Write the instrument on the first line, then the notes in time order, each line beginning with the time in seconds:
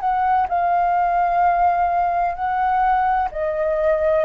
flute
0.00 F#5
0.49 F5
2.35 F#5
3.32 D#5